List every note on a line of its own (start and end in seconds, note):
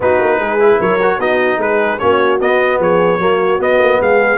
0.00 0.19 B3
0.00 0.59 D#4
0.00 0.38 F#4
0.00 0.81 B4
0.19 0.38 A#3
0.38 0.78 G#3
0.38 0.78 G#4
0.59 0.99 E4
0.79 1.18 F#3
0.79 1.19 A#4
0.79 1.20 C#5
1.02 1.20 F#4
1.18 1.57 B3
1.18 1.99 D#4
1.18 1.59 F#4
1.18 1.60 D#5
1.57 1.97 G#3
1.57 2.00 G#4
1.57 1.98 B4
1.98 2.39 A#3
1.98 2.39 C#4
1.98 2.80 F#4
1.98 2.38 C#5
2.39 2.79 B3
2.39 3.19 B3
2.39 2.81 D#5
2.79 3.18 F3
2.79 3.20 G#4
2.79 3.61 C#5
3.18 3.58 F#3
3.18 3.58 A#3
3.18 4.00 F#4
3.58 4.37 B3
3.58 3.79 B3
3.58 4.01 D#5
3.79 3.99 A#3
4.00 4.37 G#3
4.00 4.37 G#4
4.00 4.37 F5